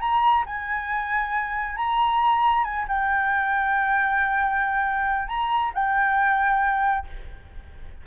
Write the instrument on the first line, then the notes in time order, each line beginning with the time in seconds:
flute
0.00 A#5
0.46 G#5
1.77 A#5
2.64 G#5
2.88 G5
5.28 A#5
5.74 G5